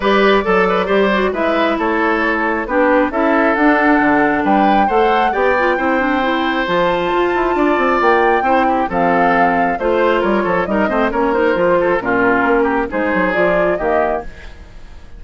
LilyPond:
<<
  \new Staff \with { instrumentName = "flute" } { \time 4/4 \tempo 4 = 135 d''2. e''4 | cis''2 b'4 e''4 | fis''2 g''4 fis''4 | g''2. a''4~ |
a''2 g''2 | f''2 c''4 cis''4 | dis''4 cis''8 c''4. ais'4~ | ais'4 c''4 d''4 dis''4 | }
  \new Staff \with { instrumentName = "oboe" } { \time 4/4 b'4 a'8 b'8 c''4 b'4 | a'2 g'4 a'4~ | a'2 b'4 c''4 | d''4 c''2.~ |
c''4 d''2 c''8 g'8 | a'2 c''4 ais'8 a'8 | ais'8 c''8 ais'4. a'8 f'4~ | f'8 g'8 gis'2 g'4 | }
  \new Staff \with { instrumentName = "clarinet" } { \time 4/4 g'4 a'4 g'8 fis'8 e'4~ | e'2 d'4 e'4 | d'2. a'4 | g'8 f'8 e'8 d'8 e'4 f'4~ |
f'2. e'4 | c'2 f'2 | dis'8 c'8 cis'8 dis'8 f'4 cis'4~ | cis'4 dis'4 f'4 ais4 | }
  \new Staff \with { instrumentName = "bassoon" } { \time 4/4 g4 fis4 g4 gis4 | a2 b4 cis'4 | d'4 d4 g4 a4 | b4 c'2 f4 |
f'8 e'8 d'8 c'8 ais4 c'4 | f2 a4 g8 f8 | g8 a8 ais4 f4 ais,4 | ais4 gis8 fis8 f4 dis4 | }
>>